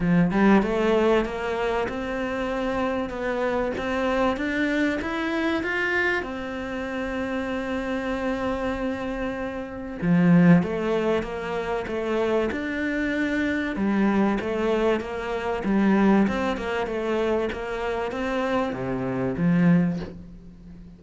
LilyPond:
\new Staff \with { instrumentName = "cello" } { \time 4/4 \tempo 4 = 96 f8 g8 a4 ais4 c'4~ | c'4 b4 c'4 d'4 | e'4 f'4 c'2~ | c'1 |
f4 a4 ais4 a4 | d'2 g4 a4 | ais4 g4 c'8 ais8 a4 | ais4 c'4 c4 f4 | }